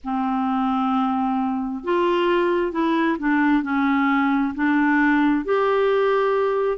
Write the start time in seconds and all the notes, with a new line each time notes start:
0.03 C4
1.84 F4
2.71 E4
3.18 D4
3.62 C#4
4.55 D4
5.45 G4